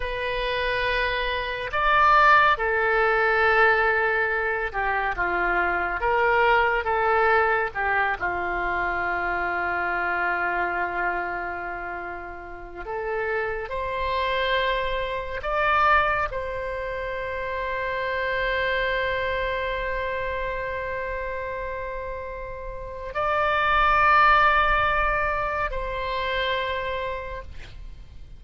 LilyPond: \new Staff \with { instrumentName = "oboe" } { \time 4/4 \tempo 4 = 70 b'2 d''4 a'4~ | a'4. g'8 f'4 ais'4 | a'4 g'8 f'2~ f'8~ | f'2. a'4 |
c''2 d''4 c''4~ | c''1~ | c''2. d''4~ | d''2 c''2 | }